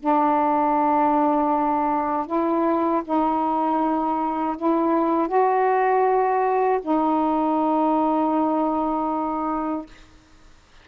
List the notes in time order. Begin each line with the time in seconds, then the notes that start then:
0.00 D4
2.26 E4
3.04 D#4
4.57 E4
5.28 F#4
6.82 D#4